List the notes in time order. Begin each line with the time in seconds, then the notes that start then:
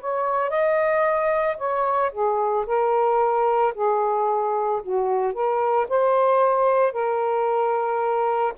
0.00 C#5
0.49 D#5
1.57 C#5
2.11 G#4
2.66 A#4
3.74 G#4
4.82 F#4
5.33 A#4
5.88 C5
6.92 A#4